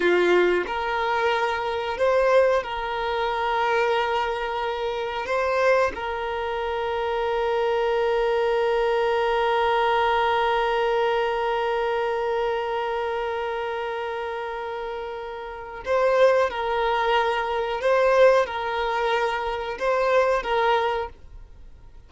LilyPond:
\new Staff \with { instrumentName = "violin" } { \time 4/4 \tempo 4 = 91 f'4 ais'2 c''4 | ais'1 | c''4 ais'2.~ | ais'1~ |
ais'1~ | ais'1 | c''4 ais'2 c''4 | ais'2 c''4 ais'4 | }